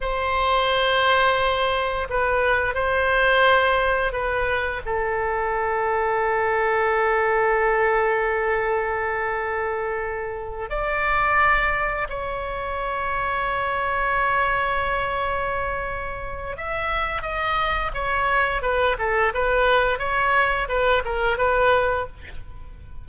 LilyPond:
\new Staff \with { instrumentName = "oboe" } { \time 4/4 \tempo 4 = 87 c''2. b'4 | c''2 b'4 a'4~ | a'1~ | a'2.~ a'8 d''8~ |
d''4. cis''2~ cis''8~ | cis''1 | e''4 dis''4 cis''4 b'8 a'8 | b'4 cis''4 b'8 ais'8 b'4 | }